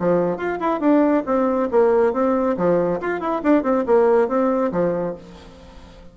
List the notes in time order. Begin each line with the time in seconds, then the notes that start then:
0.00 F3
0.37 F4
0.60 E4
0.80 D4
1.26 C4
1.71 A#3
2.13 C4
2.57 F3
3.01 F4
3.20 E4
3.43 D4
3.64 C4
3.87 A#3
4.29 C4
4.72 F3